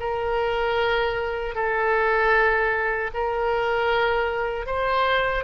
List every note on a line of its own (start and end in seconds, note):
0.00 1.55 A#4
1.55 3.11 A4
3.14 4.66 A#4
4.66 5.44 C5